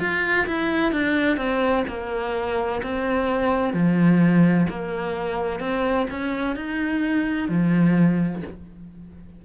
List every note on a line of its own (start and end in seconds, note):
0.00 0.47 F4
0.47 0.92 E4
0.92 1.37 D4
1.37 1.84 C4
1.88 2.82 A#3
2.83 3.74 C4
3.74 4.67 F3
4.70 5.60 A#3
5.60 6.07 C4
6.11 6.56 C#4
6.56 7.49 D#4
7.49 8.42 F3